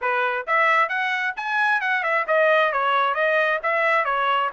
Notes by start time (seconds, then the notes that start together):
0.01 B4
0.47 E5
0.88 F#5
1.36 G#5
1.80 F#5
2.03 E5
2.27 D#5
2.72 C#5
3.14 D#5
3.62 E5
4.05 C#5